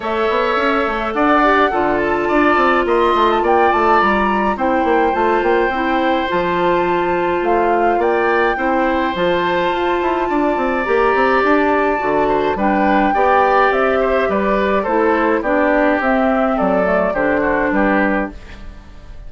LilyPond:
<<
  \new Staff \with { instrumentName = "flute" } { \time 4/4 \tempo 4 = 105 e''2 fis''4. a''8~ | a''4 c'''8. a''16 g''8 a''8 ais''4 | g''4 a''8 g''4. a''4~ | a''4 f''4 g''2 |
a''2. ais''4 | a''2 g''2 | e''4 d''4 c''4 d''4 | e''4 d''4 c''4 b'4 | }
  \new Staff \with { instrumentName = "oboe" } { \time 4/4 cis''2 d''4 a'4 | d''4 dis''4 d''2 | c''1~ | c''2 d''4 c''4~ |
c''2 d''2~ | d''4. c''8 b'4 d''4~ | d''8 c''8 b'4 a'4 g'4~ | g'4 a'4 g'8 fis'8 g'4 | }
  \new Staff \with { instrumentName = "clarinet" } { \time 4/4 a'2~ a'8 g'8 f'4~ | f'1 | e'4 f'4 e'4 f'4~ | f'2. e'4 |
f'2. g'4~ | g'4 fis'4 d'4 g'4~ | g'2 e'4 d'4 | c'4. a8 d'2 | }
  \new Staff \with { instrumentName = "bassoon" } { \time 4/4 a8 b8 cis'8 a8 d'4 d4 | d'8 c'8 ais8 a8 ais8 a8 g4 | c'8 ais8 a8 ais8 c'4 f4~ | f4 a4 ais4 c'4 |
f4 f'8 e'8 d'8 c'8 ais8 c'8 | d'4 d4 g4 b4 | c'4 g4 a4 b4 | c'4 fis4 d4 g4 | }
>>